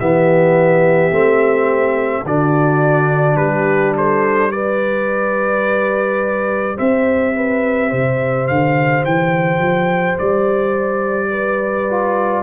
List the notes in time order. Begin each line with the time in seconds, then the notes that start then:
0.00 E3 B3 G4 E5
1.12 A3 C4
2.25 D3 D4 F#4 D5
3.36 G3 G4 B4
3.97 A4 C5
4.52 G4 B4 D5
6.77 C4 C5 E5
7.36 B4
7.90 C3 C5
8.48 D3 F5
9.04 E3 G5
9.59 F3
10.19 G3 D5
11.31 B4
11.90 F4